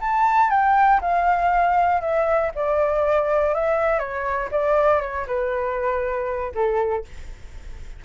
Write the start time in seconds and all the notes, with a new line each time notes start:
0.00 A5
0.50 G5
1.01 F5
2.01 E5
2.55 D5
3.54 E5
3.99 C#5
4.51 D5
5.01 C#5
5.27 B4
6.54 A4